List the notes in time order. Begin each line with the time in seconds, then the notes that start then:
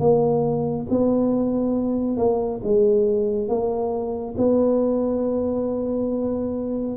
0.00 A#3
0.90 B3
2.17 A#3
2.64 G#3
3.49 A#3
4.38 B3